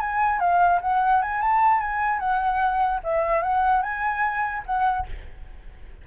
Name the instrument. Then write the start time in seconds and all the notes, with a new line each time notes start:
flute
0.00 G#5
0.40 F5
0.81 F#5
1.22 G#5
1.41 A5
1.81 G#5
2.19 F#5
3.04 E5
3.43 F#5
3.82 G#5
4.66 F#5